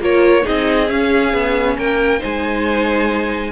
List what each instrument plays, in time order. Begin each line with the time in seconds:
0.00 cello A#3, viola F4, violin A#4 C#5
0.43 viola D#4, violin G#4 D#5
0.49 cello C4
0.89 viola C#4, cello C#4, violin F5
1.33 cello B3
1.78 cello A#3, violin A#4 G5
2.20 cello G#3, viola D#4, violin C5 G#5